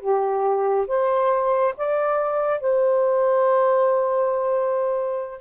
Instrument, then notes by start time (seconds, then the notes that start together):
saxophone
0.00 G4
0.87 C5
1.77 D5
2.60 C5